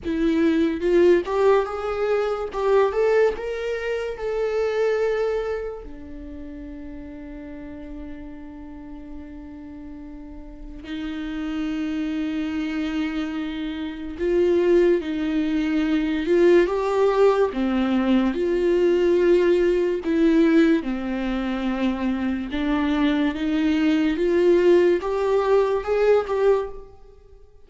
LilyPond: \new Staff \with { instrumentName = "viola" } { \time 4/4 \tempo 4 = 72 e'4 f'8 g'8 gis'4 g'8 a'8 | ais'4 a'2 d'4~ | d'1~ | d'4 dis'2.~ |
dis'4 f'4 dis'4. f'8 | g'4 c'4 f'2 | e'4 c'2 d'4 | dis'4 f'4 g'4 gis'8 g'8 | }